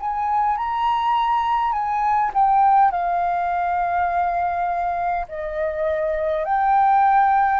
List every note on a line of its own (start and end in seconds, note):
0.00 0.57 G#5
0.57 1.72 A#5
1.72 2.31 G#5
2.34 2.91 G5
2.91 5.26 F5
5.28 6.44 D#5
6.44 7.60 G5